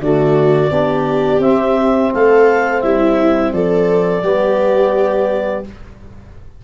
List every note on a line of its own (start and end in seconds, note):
0.00 0.71 D3
0.00 0.71 A3
0.00 0.71 F#4
0.00 1.42 D5
0.71 1.40 B3
0.71 1.41 D4
0.71 2.12 G4
1.40 2.10 C4
1.40 4.23 C4
1.40 2.12 E5
2.14 2.84 A3
2.14 2.83 A4
2.14 2.82 F5
2.82 3.53 G3
2.82 3.54 E4
2.82 3.52 E5
3.53 4.23 F3
3.53 4.23 A4
3.53 5.65 D5
4.23 5.64 G3
4.23 5.65 B3
4.23 5.65 G4